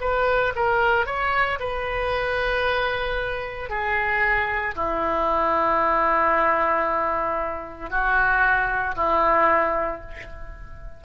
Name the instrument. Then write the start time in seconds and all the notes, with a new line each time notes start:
oboe
0.00 B4
0.55 A#4
1.06 C#5
1.59 B4
3.69 G#4
4.75 E4
7.90 F#4
8.95 E4